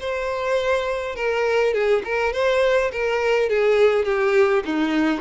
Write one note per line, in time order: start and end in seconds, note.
0.00 1.16 C5
1.16 1.73 A#4
1.73 2.03 G#4
2.04 2.33 A#4
2.33 2.91 C5
2.92 3.49 A#4
3.49 4.05 G#4
4.05 4.63 G4
4.65 5.21 D#4